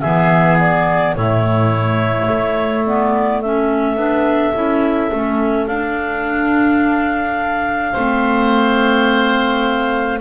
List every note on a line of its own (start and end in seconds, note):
0.00 1.15 E3
0.00 1.17 B3
0.00 1.15 G#4
0.00 0.57 E5
0.59 1.15 D5
1.15 2.28 A2
1.15 2.86 A3
1.15 3.42 E4
1.15 2.84 C#5
2.28 3.96 A3
2.86 3.42 B3
2.86 3.41 D5
3.41 3.96 C#4
3.41 7.92 A4
3.41 5.66 E5
3.96 4.53 B3
3.96 4.53 D4
4.53 5.10 C#4
4.53 5.11 E4
5.11 5.67 A3
5.11 5.68 C#4
5.66 7.94 D4
5.66 10.19 F5
7.92 10.20 A3
7.92 10.20 C4
7.92 10.19 C5